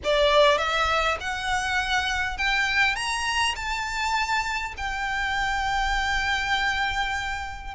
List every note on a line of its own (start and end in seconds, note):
0.04 0.58 D5
0.58 1.17 E5
1.20 2.37 F#5
2.37 2.95 G5
2.95 3.55 A#5
3.55 4.74 A5
4.77 7.74 G5